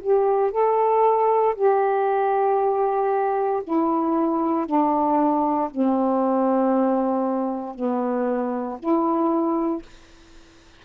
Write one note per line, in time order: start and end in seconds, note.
0.00 0.51 G4
0.51 1.55 A4
1.55 3.62 G4
3.63 4.66 E4
4.66 5.69 D4
5.70 7.75 C4
7.75 8.78 B3
8.79 9.83 E4